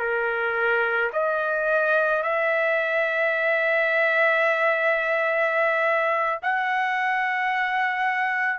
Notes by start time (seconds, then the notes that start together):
0.00 A#4
1.13 D#5
2.23 E5
6.43 F#5